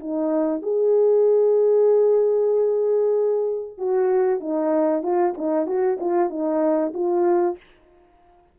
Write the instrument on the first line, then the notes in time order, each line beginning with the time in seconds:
horn
0.00 D#4
0.62 G#4
3.78 F#4
4.40 D#4
5.03 F4
5.38 D#4
5.67 F#4
6.01 F4
6.30 D#4
6.94 F4